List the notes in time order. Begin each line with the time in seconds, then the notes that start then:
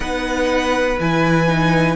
0.00 B3 D#4 B4 F#5
0.99 E3 E4 G#5
1.47 D#4